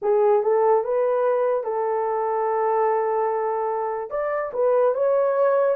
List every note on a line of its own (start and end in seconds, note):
0.01 0.43 G#4
0.43 0.84 A4
0.84 1.63 B4
1.63 4.10 A4
4.10 4.51 D5
4.53 4.94 B4
4.94 5.75 C#5